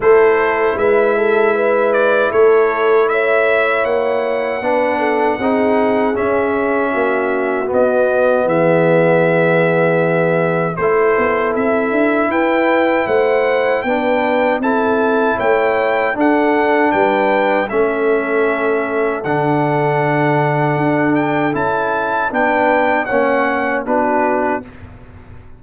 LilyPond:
<<
  \new Staff \with { instrumentName = "trumpet" } { \time 4/4 \tempo 4 = 78 c''4 e''4. d''8 cis''4 | e''4 fis''2. | e''2 dis''4 e''4~ | e''2 c''4 e''4 |
g''4 fis''4 g''4 a''4 | g''4 fis''4 g''4 e''4~ | e''4 fis''2~ fis''8 g''8 | a''4 g''4 fis''4 b'4 | }
  \new Staff \with { instrumentName = "horn" } { \time 4/4 a'4 b'8 a'8 b'4 a'4 | cis''2 b'8 a'8 gis'4~ | gis'4 fis'2 gis'4~ | gis'2 a'2 |
b'4 c''4 b'4 a'4 | cis''4 a'4 b'4 a'4~ | a'1~ | a'4 b'4 cis''4 fis'4 | }
  \new Staff \with { instrumentName = "trombone" } { \time 4/4 e'1~ | e'2 d'4 dis'4 | cis'2 b2~ | b2 e'2~ |
e'2 d'4 e'4~ | e'4 d'2 cis'4~ | cis'4 d'2. | e'4 d'4 cis'4 d'4 | }
  \new Staff \with { instrumentName = "tuba" } { \time 4/4 a4 gis2 a4~ | a4 ais4 b4 c'4 | cis'4 ais4 b4 e4~ | e2 a8 b8 c'8 d'8 |
e'4 a4 b4 c'4 | a4 d'4 g4 a4~ | a4 d2 d'4 | cis'4 b4 ais4 b4 | }
>>